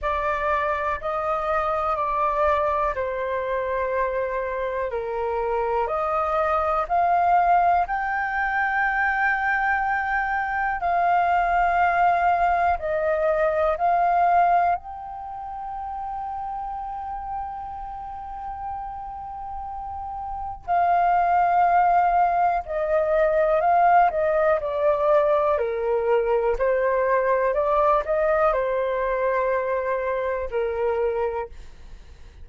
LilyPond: \new Staff \with { instrumentName = "flute" } { \time 4/4 \tempo 4 = 61 d''4 dis''4 d''4 c''4~ | c''4 ais'4 dis''4 f''4 | g''2. f''4~ | f''4 dis''4 f''4 g''4~ |
g''1~ | g''4 f''2 dis''4 | f''8 dis''8 d''4 ais'4 c''4 | d''8 dis''8 c''2 ais'4 | }